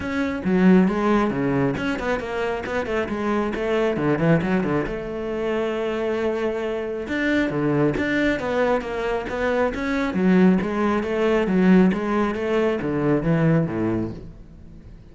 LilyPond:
\new Staff \with { instrumentName = "cello" } { \time 4/4 \tempo 4 = 136 cis'4 fis4 gis4 cis4 | cis'8 b8 ais4 b8 a8 gis4 | a4 d8 e8 fis8 d8 a4~ | a1 |
d'4 d4 d'4 b4 | ais4 b4 cis'4 fis4 | gis4 a4 fis4 gis4 | a4 d4 e4 a,4 | }